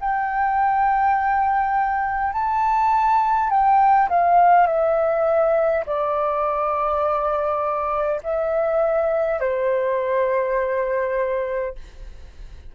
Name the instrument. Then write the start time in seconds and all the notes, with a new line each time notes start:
flute
0.00 G5
2.33 A5
3.50 G5
4.09 F5
4.66 E5
5.86 D5
8.23 E5
9.40 C5